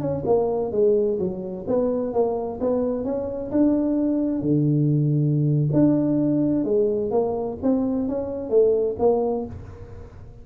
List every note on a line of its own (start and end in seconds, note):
0.00 0.23 C#4
0.25 0.71 A#3
0.71 1.18 G#3
1.18 1.65 F#3
1.67 2.13 B3
2.13 2.59 A#3
2.60 3.04 B3
3.04 3.51 C#4
3.51 4.41 D4
4.41 5.69 D3
5.72 6.64 D4
6.64 7.11 G#3
7.11 7.57 A#3
7.62 8.08 C4
8.08 8.49 C#4
8.49 8.96 A3
8.99 9.45 A#3